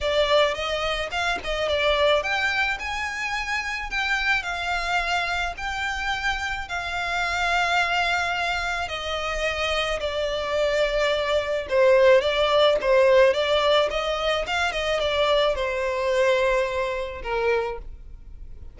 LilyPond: \new Staff \with { instrumentName = "violin" } { \time 4/4 \tempo 4 = 108 d''4 dis''4 f''8 dis''8 d''4 | g''4 gis''2 g''4 | f''2 g''2 | f''1 |
dis''2 d''2~ | d''4 c''4 d''4 c''4 | d''4 dis''4 f''8 dis''8 d''4 | c''2. ais'4 | }